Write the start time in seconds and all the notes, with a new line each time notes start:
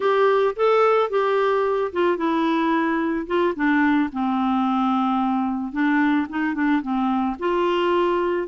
0.00 G4
0.56 A4
1.10 G4
1.92 F4
2.17 E4
3.27 F4
3.55 D4
4.12 C4
5.72 D4
6.29 D#4
6.54 D4
6.82 C4
7.39 F4